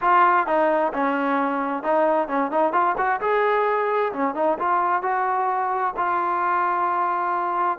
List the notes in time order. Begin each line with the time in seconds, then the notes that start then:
0.01 F4
0.46 D#4
0.93 C#4
1.83 D#4
2.28 C#4
2.51 D#4
2.72 F4
2.97 F#4
3.21 G#4
4.12 C#4
4.34 D#4
4.58 F4
5.02 F#4
5.96 F4